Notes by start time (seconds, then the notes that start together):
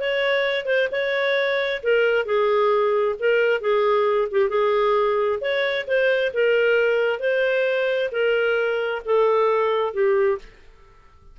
0.00 C#5
0.66 C5
0.91 C#5
1.83 A#4
2.25 G#4
3.19 A#4
3.60 G#4
4.31 G4
4.49 G#4
5.41 C#5
5.87 C5
6.33 A#4
7.19 C5
8.11 A#4
9.05 A4
9.93 G4